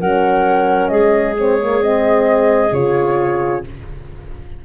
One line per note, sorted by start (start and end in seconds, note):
0.00 0.92 F#3
0.00 1.37 C#4
0.00 0.91 A#4
0.00 0.88 F#5
0.88 2.72 G#3
0.88 3.64 G#4
0.88 1.34 D#5
1.38 1.60 C4
1.38 1.83 C#5
1.62 1.81 A#3
1.81 2.72 C4
1.81 2.74 D#5
2.72 3.63 C#3
2.72 3.65 F4
2.72 3.65 C#5